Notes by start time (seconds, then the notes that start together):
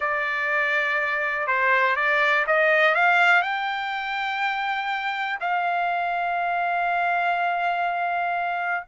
0.00 D5
1.47 C5
1.96 D5
2.46 D#5
2.94 F5
3.42 G5
5.40 F5